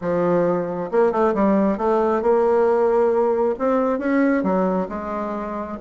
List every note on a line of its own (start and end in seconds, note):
0.01 0.90 F3
0.91 1.12 A#3
1.12 1.34 A3
1.34 1.77 G3
1.77 2.22 A3
2.22 3.55 A#3
3.58 3.98 C4
3.98 4.43 C#4
4.43 4.87 F#3
4.88 5.77 G#3